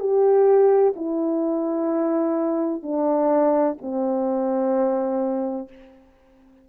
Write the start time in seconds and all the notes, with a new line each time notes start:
0.00 G4
0.96 E4
2.83 D4
3.81 C4